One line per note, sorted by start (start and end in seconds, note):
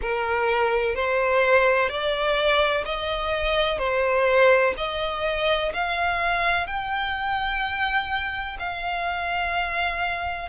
0.01 0.95 A#4
0.95 1.89 C5
1.89 2.84 D5
2.85 3.78 D#5
3.78 4.74 C5
4.77 5.72 D#5
5.73 6.67 F5
6.67 8.57 G5
8.59 10.48 F5